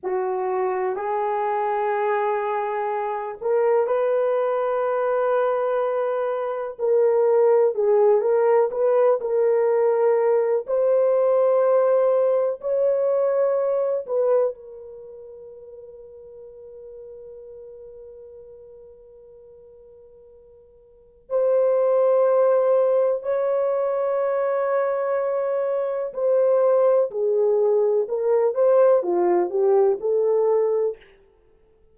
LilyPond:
\new Staff \with { instrumentName = "horn" } { \time 4/4 \tempo 4 = 62 fis'4 gis'2~ gis'8 ais'8 | b'2. ais'4 | gis'8 ais'8 b'8 ais'4. c''4~ | c''4 cis''4. b'8 ais'4~ |
ais'1~ | ais'2 c''2 | cis''2. c''4 | gis'4 ais'8 c''8 f'8 g'8 a'4 | }